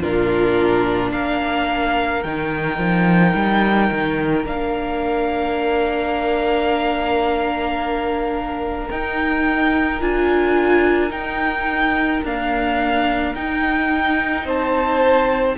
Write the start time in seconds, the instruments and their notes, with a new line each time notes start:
0.00 cello A#2, viola D4, violin F4 A#4
1.12 cello A#3, violin A#4 F5
2.23 cello D#3, viola D#4, violin G5
2.78 cello F3
3.35 cello G3
3.91 cello D#3
4.44 cello A#3, viola D4, violin F5
8.91 cello D#4, viola D#4, violin G5
10.01 cello D4, viola F4, violin G#5
11.10 viola D#4, cello D#4, violin G5
12.23 viola A#3, cello D4, violin F5
13.36 cello D#4, viola D#4, violin G5
14.45 cello C4, violin C5 A5